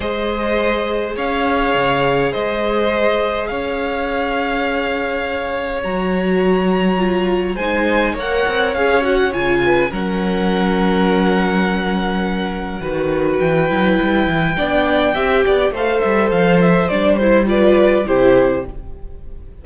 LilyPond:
<<
  \new Staff \with { instrumentName = "violin" } { \time 4/4 \tempo 4 = 103 dis''2 f''2 | dis''2 f''2~ | f''2 ais''2~ | ais''4 gis''4 fis''4 f''8 fis''8 |
gis''4 fis''2.~ | fis''2. g''4~ | g''2. f''8 e''8 | f''8 e''8 d''8 c''8 d''4 c''4 | }
  \new Staff \with { instrumentName = "violin" } { \time 4/4 c''2 cis''2 | c''2 cis''2~ | cis''1~ | cis''4 c''4 cis''2~ |
cis''8 b'8 ais'2.~ | ais'2 b'2~ | b'4 d''4 e''8 d''8 c''4~ | c''2 b'4 g'4 | }
  \new Staff \with { instrumentName = "viola" } { \time 4/4 gis'1~ | gis'1~ | gis'2 fis'2 | f'4 dis'4 ais'4 gis'8 fis'8 |
f'4 cis'2.~ | cis'2 fis'4. e'8~ | e'4 d'4 g'4 a'4~ | a'4 d'8 e'8 f'4 e'4 | }
  \new Staff \with { instrumentName = "cello" } { \time 4/4 gis2 cis'4 cis4 | gis2 cis'2~ | cis'2 fis2~ | fis4 gis4 ais8 c'8 cis'4 |
cis4 fis2.~ | fis2 dis4 e8 fis8 | g8 e8 b4 c'8 b8 a8 g8 | f4 g2 c4 | }
>>